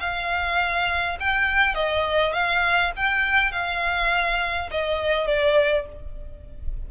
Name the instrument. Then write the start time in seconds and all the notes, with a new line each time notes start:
violin
0.00 F5
1.20 G5
1.74 D#5
2.33 F5
2.96 G5
3.52 F5
4.71 D#5
5.26 D5